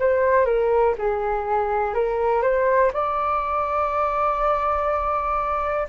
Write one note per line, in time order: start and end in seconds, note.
0.00 0.46 C5
0.46 0.95 A#4
0.99 1.94 G#4
1.94 2.42 A#4
2.42 2.92 C5
2.93 5.88 D5